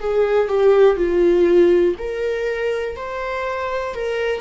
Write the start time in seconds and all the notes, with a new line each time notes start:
0.00 G#4
0.49 G4
0.97 F4
1.99 A#4
2.96 C5
3.95 A#4